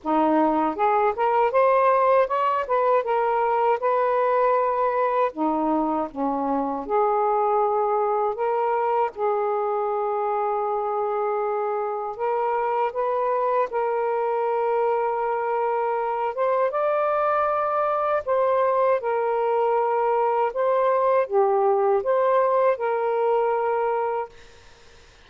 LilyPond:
\new Staff \with { instrumentName = "saxophone" } { \time 4/4 \tempo 4 = 79 dis'4 gis'8 ais'8 c''4 cis''8 b'8 | ais'4 b'2 dis'4 | cis'4 gis'2 ais'4 | gis'1 |
ais'4 b'4 ais'2~ | ais'4. c''8 d''2 | c''4 ais'2 c''4 | g'4 c''4 ais'2 | }